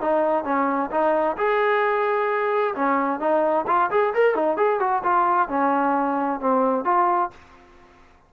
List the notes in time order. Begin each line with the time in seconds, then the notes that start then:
0.00 D#4
0.44 C#4
0.90 D#4
1.37 G#4
2.75 C#4
3.19 D#4
3.67 F4
3.90 G#4
4.14 A#4
4.34 D#4
4.57 G#4
4.79 F#4
5.03 F4
5.48 C#4
6.40 C4
6.84 F4